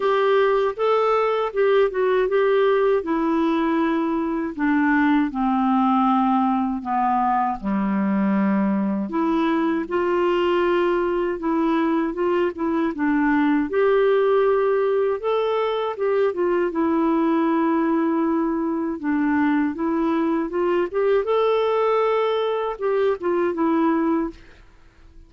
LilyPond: \new Staff \with { instrumentName = "clarinet" } { \time 4/4 \tempo 4 = 79 g'4 a'4 g'8 fis'8 g'4 | e'2 d'4 c'4~ | c'4 b4 g2 | e'4 f'2 e'4 |
f'8 e'8 d'4 g'2 | a'4 g'8 f'8 e'2~ | e'4 d'4 e'4 f'8 g'8 | a'2 g'8 f'8 e'4 | }